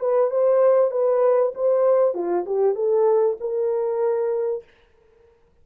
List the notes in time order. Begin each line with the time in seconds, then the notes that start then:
0.00 B4
0.31 C5
0.91 B4
1.55 C5
2.14 F4
2.46 G4
2.75 A4
3.40 A#4